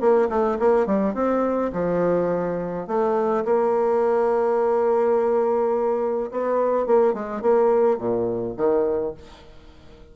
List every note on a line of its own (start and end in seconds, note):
0.00 0.29 A#3
0.29 0.58 A3
0.59 0.86 A#3
0.86 1.14 G3
1.14 1.71 C4
1.73 2.87 F3
2.87 3.44 A3
3.45 6.31 A#3
6.31 6.86 B3
6.86 7.14 A#3
7.14 7.42 G#3
7.42 7.98 A#3
7.98 8.55 A#2
8.57 9.14 D#3